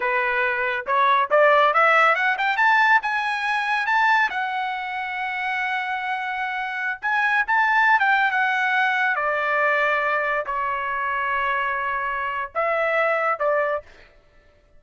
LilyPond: \new Staff \with { instrumentName = "trumpet" } { \time 4/4 \tempo 4 = 139 b'2 cis''4 d''4 | e''4 fis''8 g''8 a''4 gis''4~ | gis''4 a''4 fis''2~ | fis''1~ |
fis''16 gis''4 a''4~ a''16 g''8. fis''8.~ | fis''4~ fis''16 d''2~ d''8.~ | d''16 cis''2.~ cis''8.~ | cis''4 e''2 d''4 | }